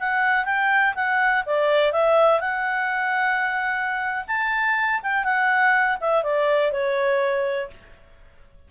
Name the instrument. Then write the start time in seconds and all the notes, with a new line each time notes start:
clarinet
0.00 F#5
0.45 G5
0.95 F#5
1.46 D5
1.92 E5
2.40 F#5
4.28 A5
5.03 G5
5.24 F#5
6.01 E5
6.23 D5
6.72 C#5